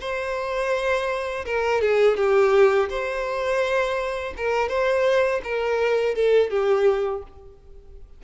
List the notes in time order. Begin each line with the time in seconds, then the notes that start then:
0.00 C5
1.45 A#4
1.81 G#4
2.16 G4
2.89 C5
4.37 A#4
4.68 C5
5.43 A#4
6.14 A4
6.50 G4